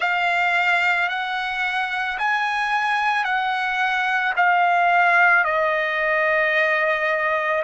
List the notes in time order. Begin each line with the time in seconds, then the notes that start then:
0.00 F5
1.09 F#5
2.18 G#5
3.24 F#5
4.36 F5
5.44 D#5